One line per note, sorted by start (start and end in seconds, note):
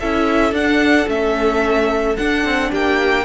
0.00 0.52 C#4
0.00 0.55 E4
0.00 2.71 A4
0.00 0.55 E5
0.52 1.07 D4
0.52 1.08 D4
0.52 1.09 F#5
1.08 2.18 A3
1.08 2.17 C#4
1.08 2.17 E5
2.17 3.25 D4
2.17 2.45 D4
2.17 2.71 F#5
2.45 2.72 C4
2.71 3.25 A#3
2.71 3.25 G4
2.71 3.25 G5